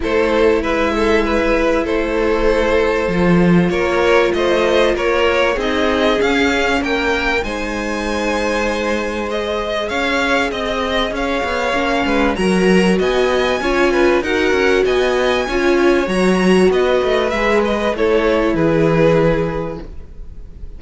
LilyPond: <<
  \new Staff \with { instrumentName = "violin" } { \time 4/4 \tempo 4 = 97 c''4 e''2 c''4~ | c''2 cis''4 dis''4 | cis''4 dis''4 f''4 g''4 | gis''2. dis''4 |
f''4 dis''4 f''2 | ais''4 gis''2 fis''4 | gis''2 ais''4 dis''4 | e''8 dis''8 cis''4 b'2 | }
  \new Staff \with { instrumentName = "violin" } { \time 4/4 a'4 b'8 a'8 b'4 a'4~ | a'2 ais'4 c''4 | ais'4 gis'2 ais'4 | c''1 |
cis''4 dis''4 cis''4. b'8 | ais'4 dis''4 cis''8 b'8 ais'4 | dis''4 cis''2 b'4~ | b'4 a'4 gis'2 | }
  \new Staff \with { instrumentName = "viola" } { \time 4/4 e'1~ | e'4 f'2.~ | f'4 dis'4 cis'2 | dis'2. gis'4~ |
gis'2. cis'4 | fis'2 f'4 fis'4~ | fis'4 f'4 fis'2 | gis'8 b'8 e'2. | }
  \new Staff \with { instrumentName = "cello" } { \time 4/4 a4 gis2 a4~ | a4 f4 ais4 a4 | ais4 c'4 cis'4 ais4 | gis1 |
cis'4 c'4 cis'8 b8 ais8 gis8 | fis4 b4 cis'4 dis'8 cis'8 | b4 cis'4 fis4 b8 a8 | gis4 a4 e2 | }
>>